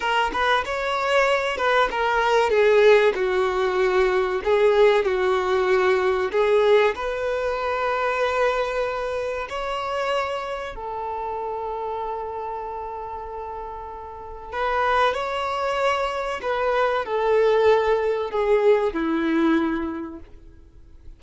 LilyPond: \new Staff \with { instrumentName = "violin" } { \time 4/4 \tempo 4 = 95 ais'8 b'8 cis''4. b'8 ais'4 | gis'4 fis'2 gis'4 | fis'2 gis'4 b'4~ | b'2. cis''4~ |
cis''4 a'2.~ | a'2. b'4 | cis''2 b'4 a'4~ | a'4 gis'4 e'2 | }